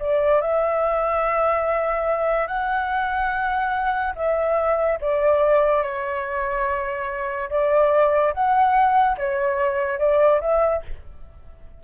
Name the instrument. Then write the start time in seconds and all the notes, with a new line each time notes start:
flute
0.00 D5
0.41 E5
2.47 F#5
4.16 E5
5.01 D5
5.83 C#5
7.50 D5
8.34 F#5
9.18 C#5
9.99 D5
10.41 E5